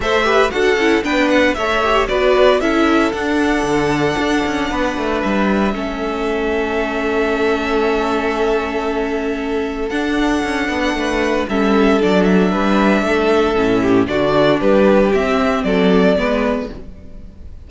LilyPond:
<<
  \new Staff \with { instrumentName = "violin" } { \time 4/4 \tempo 4 = 115 e''4 fis''4 g''8 fis''8 e''4 | d''4 e''4 fis''2~ | fis''2 e''2~ | e''1~ |
e''2. fis''4~ | fis''2 e''4 d''8 e''8~ | e''2. d''4 | b'4 e''4 d''2 | }
  \new Staff \with { instrumentName = "violin" } { \time 4/4 c''8 b'8 a'4 b'4 cis''4 | b'4 a'2.~ | a'4 b'2 a'4~ | a'1~ |
a'1~ | a'4 b'4 a'2 | b'4 a'4. g'8 fis'4 | g'2 a'4 b'4 | }
  \new Staff \with { instrumentName = "viola" } { \time 4/4 a'8 g'8 fis'8 e'8 d'4 a'8 g'8 | fis'4 e'4 d'2~ | d'2. cis'4~ | cis'1~ |
cis'2. d'4~ | d'2 cis'4 d'4~ | d'2 cis'4 d'4~ | d'4 c'2 b4 | }
  \new Staff \with { instrumentName = "cello" } { \time 4/4 a4 d'8 cis'8 b4 a4 | b4 cis'4 d'4 d4 | d'8 cis'8 b8 a8 g4 a4~ | a1~ |
a2. d'4 | cis'8 b8 a4 g4 fis4 | g4 a4 a,4 d4 | g4 c'4 fis4 gis4 | }
>>